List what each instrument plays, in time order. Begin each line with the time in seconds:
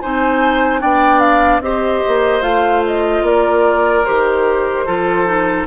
0.00 bassoon C4, clarinet D#4, oboe C5, flute G#5
0.81 bassoon B3, clarinet D4, oboe D5, flute G5
1.20 flute F5
1.60 bassoon C4, clarinet G4, oboe C5, flute D#5
2.08 bassoon A#3
2.42 bassoon A3, clarinet F4, flute F5
2.87 flute D#5
3.22 bassoon A#3, oboe A#4, flute D5
4.06 bassoon D#3, clarinet G4, flute C5
4.86 bassoon F3, clarinet F4, oboe A4
5.27 clarinet D#4